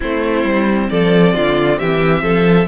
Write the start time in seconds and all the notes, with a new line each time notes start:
0.00 A3 C4 E4 C5
0.44 G3
0.90 F3 A4 D5
1.33 D3 F4
1.78 E3 G4 E5
2.22 F3 A4